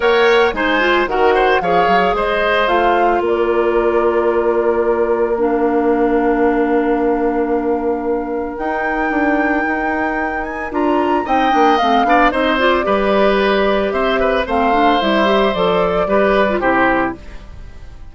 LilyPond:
<<
  \new Staff \with { instrumentName = "flute" } { \time 4/4 \tempo 4 = 112 fis''4 gis''4 fis''4 f''4 | dis''4 f''4 d''2~ | d''2 f''2~ | f''1 |
g''2.~ g''8 gis''8 | ais''4 g''4 f''4 dis''8 d''8~ | d''2 e''4 f''4 | e''4 d''2 c''4 | }
  \new Staff \with { instrumentName = "oboe" } { \time 4/4 cis''4 c''4 ais'8 c''8 cis''4 | c''2 ais'2~ | ais'1~ | ais'1~ |
ais'1~ | ais'4 dis''4. d''8 c''4 | b'2 c''8 b'8 c''4~ | c''2 b'4 g'4 | }
  \new Staff \with { instrumentName = "clarinet" } { \time 4/4 ais'4 dis'8 f'8 fis'4 gis'4~ | gis'4 f'2.~ | f'2 d'2~ | d'1 |
dis'1 | f'4 dis'8 d'8 c'8 d'8 dis'8 f'8 | g'2. c'8 d'8 | e'8 g'8 a'4 g'8. f'16 e'4 | }
  \new Staff \with { instrumentName = "bassoon" } { \time 4/4 ais4 gis4 dis4 f8 fis8 | gis4 a4 ais2~ | ais1~ | ais1 |
dis'4 d'4 dis'2 | d'4 c'8 ais8 a8 b8 c'4 | g2 c'4 a4 | g4 f4 g4 c4 | }
>>